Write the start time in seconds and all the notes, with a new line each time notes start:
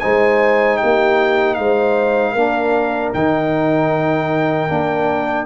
0.00 G#3 D#4 C5 G#5
0.78 G4 G5
0.84 A#3
1.54 G#3 C5 F5
2.32 A#3 D4 A#4
3.14 D#3 D#4 G5
4.69 A#3 D4